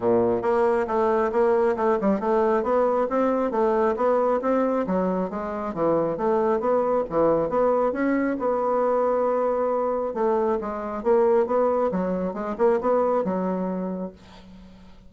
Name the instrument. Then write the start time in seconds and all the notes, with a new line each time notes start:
bassoon
0.00 A#2
0.42 A#3
0.87 A3
1.31 A#3
1.76 A3
2.00 G3
2.19 A3
2.63 B3
3.09 C4
3.51 A3
3.96 B3
4.41 C4
4.86 F#3
5.30 G#3
5.74 E3
6.17 A3
6.60 B3
7.09 E3
7.49 B3
7.92 C#4
8.39 B3
10.14 A3
10.61 G#3
11.03 A#3
11.46 B3
11.91 F#3
12.33 G#3
12.58 A#3
12.80 B3
13.24 F#3